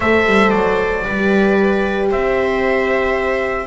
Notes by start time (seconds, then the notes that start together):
0.00 A3 A4 C5 E5
0.25 G3
0.50 F#3 D5
1.04 G3 G4 B4
2.10 C4 C5 E5